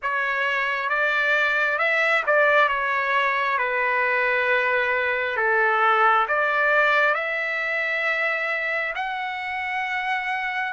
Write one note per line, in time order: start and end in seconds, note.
0.02 0.89 C#5
0.89 1.78 D5
1.78 2.23 E5
2.26 2.68 D5
2.68 3.57 C#5
3.58 5.36 B4
5.36 6.26 A4
6.28 7.14 D5
7.14 8.93 E5
8.95 10.72 F#5